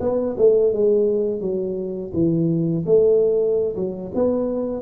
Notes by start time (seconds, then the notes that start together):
0.00 B3
0.37 A3
0.73 G#3
1.40 F#3
2.13 E3
2.86 A3
3.76 F#3
4.15 B3